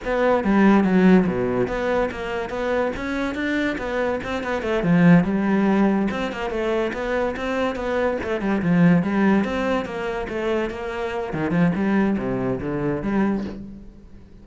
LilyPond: \new Staff \with { instrumentName = "cello" } { \time 4/4 \tempo 4 = 143 b4 g4 fis4 b,4 | b4 ais4 b4 cis'4 | d'4 b4 c'8 b8 a8 f8~ | f8 g2 c'8 ais8 a8~ |
a8 b4 c'4 b4 a8 | g8 f4 g4 c'4 ais8~ | ais8 a4 ais4. dis8 f8 | g4 c4 d4 g4 | }